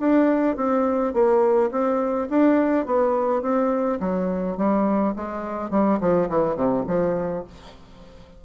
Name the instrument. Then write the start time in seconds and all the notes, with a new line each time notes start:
bassoon
0.00 D4
0.57 C4
1.14 A#3
1.71 C4
2.30 D4
2.86 B3
3.42 C4
4.00 F#3
4.57 G3
5.16 G#3
5.71 G3
6.00 F3
6.29 E3
6.56 C3
6.87 F3